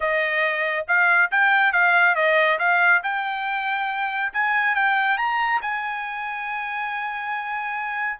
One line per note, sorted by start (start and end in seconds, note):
0.00 0.86 D#5
0.87 1.30 F5
1.31 1.72 G5
1.72 2.15 F5
2.15 2.58 D#5
2.58 3.01 F5
3.03 4.32 G5
4.33 4.75 G#5
4.75 5.17 G5
5.17 5.60 A#5
5.61 8.19 G#5